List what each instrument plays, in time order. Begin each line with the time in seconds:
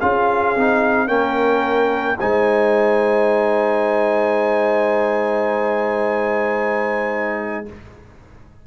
0.00 tuba C#4, trombone F4, horn G#4, trumpet F5
0.55 tuba C4, trombone D#4
1.07 tuba A#3, trombone C#4, horn A#4, trumpet G5
2.20 tuba G#3, trombone D#4, horn C5, trumpet G#5